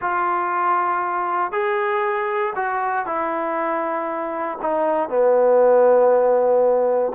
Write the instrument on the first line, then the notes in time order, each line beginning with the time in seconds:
trombone
0.01 F4
1.51 G#4
2.55 F#4
3.05 E4
4.61 D#4
5.09 B3